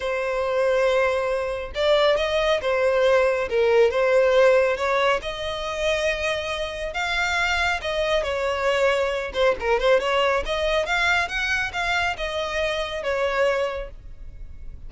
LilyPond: \new Staff \with { instrumentName = "violin" } { \time 4/4 \tempo 4 = 138 c''1 | d''4 dis''4 c''2 | ais'4 c''2 cis''4 | dis''1 |
f''2 dis''4 cis''4~ | cis''4. c''8 ais'8 c''8 cis''4 | dis''4 f''4 fis''4 f''4 | dis''2 cis''2 | }